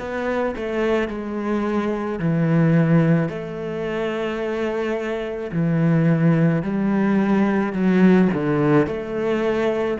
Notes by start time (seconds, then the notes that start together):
0.00 B3
0.56 A3
1.09 G#3
2.20 E3
3.29 A3
5.53 E3
6.63 G3
7.73 F#3
8.34 D3
8.87 A3